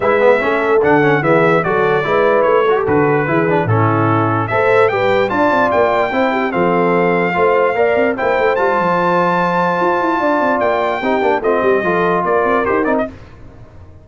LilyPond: <<
  \new Staff \with { instrumentName = "trumpet" } { \time 4/4 \tempo 4 = 147 e''2 fis''4 e''4 | d''2 cis''4 b'4~ | b'4 a'2 e''4 | g''4 a''4 g''2 |
f''1 | g''4 a''2.~ | a''2 g''2 | dis''2 d''4 c''8 d''16 dis''16 | }
  \new Staff \with { instrumentName = "horn" } { \time 4/4 b'4 a'2 gis'4 | a'4 b'4. a'4. | gis'4 e'2 c''4 | b'4 d''2 c''8 g'8 |
a'2 c''4 d''4 | c''1~ | c''4 d''2 g'4 | f'8 g'8 a'4 ais'2 | }
  \new Staff \with { instrumentName = "trombone" } { \time 4/4 e'8 b8 cis'4 d'8 cis'8 b4 | fis'4 e'4. fis'16 g'16 fis'4 | e'8 d'8 cis'2 a'4 | g'4 f'2 e'4 |
c'2 f'4 ais'4 | e'4 f'2.~ | f'2. dis'8 d'8 | c'4 f'2 g'8 dis'8 | }
  \new Staff \with { instrumentName = "tuba" } { \time 4/4 gis4 a4 d4 e4 | fis4 gis4 a4 d4 | e4 a,2 a4 | g4 d'8 c'8 ais4 c'4 |
f2 a4 ais8 c'8 | ais8 a8 g8 f2~ f8 | f'8 e'8 d'8 c'8 ais4 c'8 ais8 | a8 g8 f4 ais8 c'8 dis'8 c'8 | }
>>